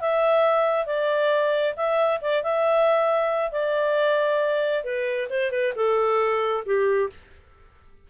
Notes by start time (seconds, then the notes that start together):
0.00 E5
0.86 D5
1.76 E5
2.21 D5
2.43 E5
3.51 D5
4.84 B4
5.29 C5
5.51 B4
5.76 A4
6.65 G4